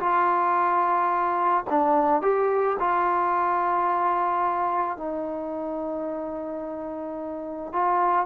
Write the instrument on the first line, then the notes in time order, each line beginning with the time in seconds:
trombone
0.00 F4
1.70 D4
2.22 G4
2.80 F4
4.98 D#4
7.73 F4